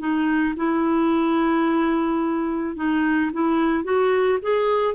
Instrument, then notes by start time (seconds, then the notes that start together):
clarinet
0.00 D#4
0.57 E4
2.77 D#4
3.33 E4
3.84 F#4
4.42 G#4